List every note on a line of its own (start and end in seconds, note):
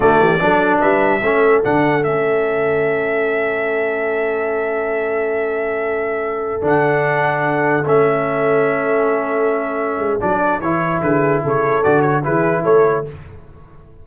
0.00 0.19 D3
0.00 0.39 A3
0.00 0.20 F#4
0.00 0.79 D5
0.19 0.39 E3
0.19 0.40 G4
0.39 0.81 F#3
0.39 1.21 D4
0.39 0.80 A4
0.80 1.21 G3
0.80 1.21 B4
0.80 1.62 E5
1.21 1.62 A3
1.21 1.63 C#4
1.21 11.03 A4
1.63 2.05 D3
1.63 2.02 D4
1.63 2.03 F#5
2.02 6.62 A3
2.02 6.61 C#4
2.02 6.62 E5
6.61 7.85 D3
6.61 7.83 D4
6.61 7.87 F#5
7.85 9.97 A3
7.85 10.19 C#4
7.85 10.20 E5
9.97 10.18 G#3
10.19 10.59 F#3
10.19 10.60 D4
10.19 10.60 D5
10.59 11.00 E3
10.59 11.84 E4
10.59 11.01 C#5
11.01 11.42 D3
11.01 11.43 G#4
11.01 11.42 B4
11.43 11.84 C#3
11.43 12.25 A4
11.43 11.83 C#5
11.83 12.25 D3
11.83 12.23 F#4
11.83 12.01 D5
12.01 12.22 C#5
12.23 12.65 E3
12.23 13.05 E4
12.23 12.63 G#4
12.23 12.64 B4
12.63 13.06 A3
12.63 13.03 A4
12.63 13.05 C#5